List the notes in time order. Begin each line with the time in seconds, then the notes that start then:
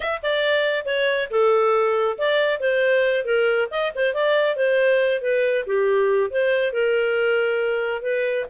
0.00 E5
0.22 D5
0.85 C#5
1.30 A4
2.17 D5
2.59 C5
3.24 A#4
3.70 D#5
3.95 C5
4.13 D5
4.56 C5
5.21 B4
5.66 G4
6.30 C5
6.72 A#4
8.02 B4